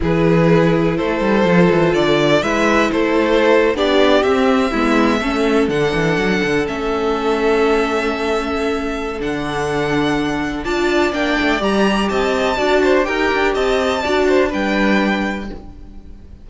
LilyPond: <<
  \new Staff \with { instrumentName = "violin" } { \time 4/4 \tempo 4 = 124 b'2 c''2 | d''4 e''4 c''4.~ c''16 d''16~ | d''8. e''2. fis''16~ | fis''4.~ fis''16 e''2~ e''16~ |
e''2. fis''4~ | fis''2 a''4 g''4 | ais''4 a''2 g''4 | a''2 g''2 | }
  \new Staff \with { instrumentName = "violin" } { \time 4/4 gis'2 a'2~ | a'4 b'4 a'4.~ a'16 g'16~ | g'4.~ g'16 e'4 a'4~ a'16~ | a'1~ |
a'1~ | a'2 d''2~ | d''4 dis''4 d''8 c''8 ais'4 | dis''4 d''8 c''8 b'2 | }
  \new Staff \with { instrumentName = "viola" } { \time 4/4 e'2. f'4~ | f'4 e'2~ e'8. d'16~ | d'8. c'4 b4 cis'4 d'16~ | d'4.~ d'16 cis'2~ cis'16~ |
cis'2. d'4~ | d'2 f'4 d'4 | g'2 fis'4 g'4~ | g'4 fis'4 d'2 | }
  \new Staff \with { instrumentName = "cello" } { \time 4/4 e2 a8 g8 f8 e8 | d4 gis4 a4.~ a16 b16~ | b8. c'4 gis4 a4 d16~ | d16 e8 fis8 d8 a2~ a16~ |
a2. d4~ | d2 d'4 ais8 a8 | g4 c'4 d'4 dis'8 d'8 | c'4 d'4 g2 | }
>>